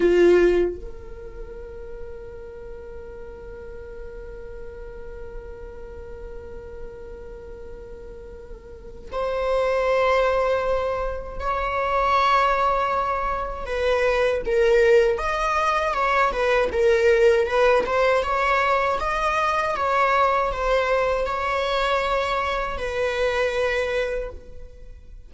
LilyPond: \new Staff \with { instrumentName = "viola" } { \time 4/4 \tempo 4 = 79 f'4 ais'2.~ | ais'1~ | ais'1 | c''2. cis''4~ |
cis''2 b'4 ais'4 | dis''4 cis''8 b'8 ais'4 b'8 c''8 | cis''4 dis''4 cis''4 c''4 | cis''2 b'2 | }